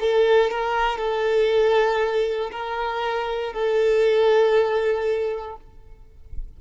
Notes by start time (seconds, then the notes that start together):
0.00 A4
0.50 A#4
0.98 A4
2.51 A#4
3.53 A4